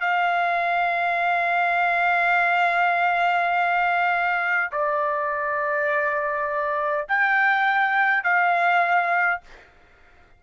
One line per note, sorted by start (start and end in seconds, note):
0.00 4.71 F5
4.71 7.06 D5
7.08 8.23 G5
8.23 9.41 F5